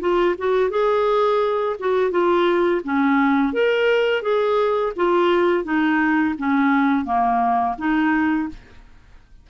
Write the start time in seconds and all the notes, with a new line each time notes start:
0.00 F4
0.38 F#4
0.70 G#4
1.79 F#4
2.11 F4
2.84 C#4
3.53 A#4
4.22 G#4
4.96 F4
5.64 D#4
6.38 C#4
7.05 A#3
7.78 D#4